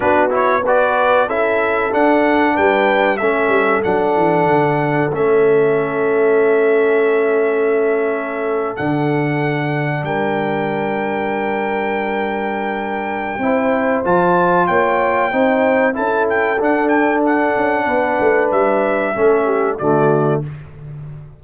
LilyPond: <<
  \new Staff \with { instrumentName = "trumpet" } { \time 4/4 \tempo 4 = 94 b'8 cis''8 d''4 e''4 fis''4 | g''4 e''4 fis''2 | e''1~ | e''4.~ e''16 fis''2 g''16~ |
g''1~ | g''2 a''4 g''4~ | g''4 a''8 g''8 fis''8 g''8 fis''4~ | fis''4 e''2 d''4 | }
  \new Staff \with { instrumentName = "horn" } { \time 4/4 fis'4 b'4 a'2 | b'4 a'2.~ | a'1~ | a'2.~ a'8. ais'16~ |
ais'1~ | ais'4 c''2 cis''4 | c''4 a'2. | b'2 a'8 g'8 fis'4 | }
  \new Staff \with { instrumentName = "trombone" } { \time 4/4 d'8 e'8 fis'4 e'4 d'4~ | d'4 cis'4 d'2 | cis'1~ | cis'4.~ cis'16 d'2~ d'16~ |
d'1~ | d'4 e'4 f'2 | dis'4 e'4 d'2~ | d'2 cis'4 a4 | }
  \new Staff \with { instrumentName = "tuba" } { \time 4/4 b2 cis'4 d'4 | g4 a8 g8 fis8 e8 d4 | a1~ | a4.~ a16 d2 g16~ |
g1~ | g4 c'4 f4 ais4 | c'4 cis'4 d'4. cis'8 | b8 a8 g4 a4 d4 | }
>>